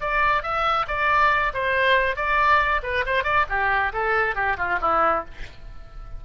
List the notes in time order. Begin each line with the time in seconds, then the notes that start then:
0.00 D5
0.42 E5
0.87 D5
1.53 C5
2.16 D5
2.83 B4
3.06 C5
3.24 D5
3.49 G4
3.92 A4
4.35 G4
4.57 F4
4.81 E4